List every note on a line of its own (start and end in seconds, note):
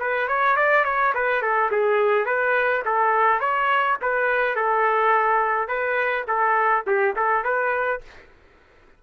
0.00 0.29 B4
0.29 0.57 C#5
0.57 0.85 D5
0.85 1.14 C#5
1.15 1.42 B4
1.42 1.71 A4
1.72 2.26 G#4
2.26 2.83 B4
2.86 3.41 A4
3.41 3.98 C#5
4.02 4.56 B4
4.56 5.69 A4
5.69 6.26 B4
6.28 6.85 A4
6.87 7.16 G4
7.16 7.45 A4
7.45 8.02 B4